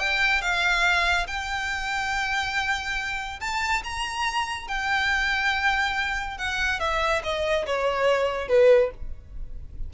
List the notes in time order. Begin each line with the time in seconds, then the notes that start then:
0.00 G5
0.42 F5
1.27 G5
3.41 A5
3.84 A#5
4.68 G5
6.38 F#5
6.80 E5
7.24 D#5
7.67 C#5
8.49 B4